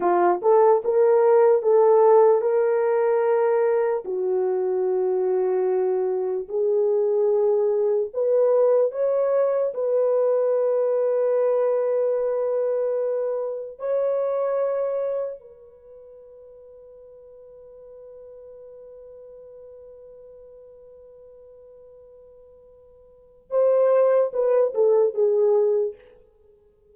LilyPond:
\new Staff \with { instrumentName = "horn" } { \time 4/4 \tempo 4 = 74 f'8 a'8 ais'4 a'4 ais'4~ | ais'4 fis'2. | gis'2 b'4 cis''4 | b'1~ |
b'4 cis''2 b'4~ | b'1~ | b'1~ | b'4 c''4 b'8 a'8 gis'4 | }